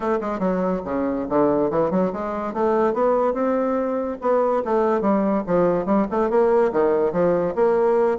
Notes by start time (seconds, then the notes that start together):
0.00 A3
0.20 G#3
0.39 F#3
0.84 C#3
1.29 D3
1.70 E3
1.90 F#3
2.12 G#3
2.53 A3
2.93 B3
3.33 C4
4.21 B3
4.64 A3
5.01 G3
5.46 F3
5.85 G3
6.10 A3
6.30 A#3
6.72 D#3
7.12 F3
7.55 A#3